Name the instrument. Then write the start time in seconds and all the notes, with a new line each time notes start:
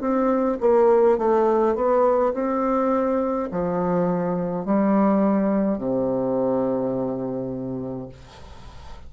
bassoon
0.00 C4
0.60 A#3
1.17 A3
1.75 B3
2.33 C4
3.51 F3
4.65 G3
5.77 C3